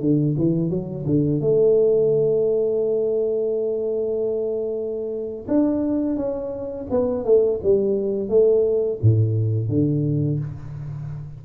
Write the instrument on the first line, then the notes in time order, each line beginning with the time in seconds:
tuba
0.00 D3
0.37 E3
0.70 F#3
1.06 D3
1.41 A3
5.48 D4
6.16 C#4
6.90 B3
7.24 A3
7.63 G3
8.29 A3
9.02 A2
9.68 D3